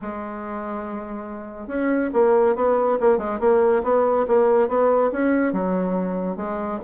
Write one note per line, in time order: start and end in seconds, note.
0.01 1.67 G#3
1.67 2.10 C#4
2.13 2.55 A#3
2.55 2.98 B3
3.00 3.18 A#3
3.18 3.39 G#3
3.39 3.82 A#3
3.83 4.26 B3
4.27 4.68 A#3
4.68 5.11 B3
5.11 5.52 C#4
5.52 6.36 F#3
6.36 6.79 G#3